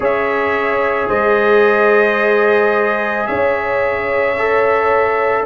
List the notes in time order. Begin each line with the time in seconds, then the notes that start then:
0.00 C#4 G#4 C#5 E5
1.08 G#3 C5 D#5
3.26 C#4 C#5 E5
4.38 A4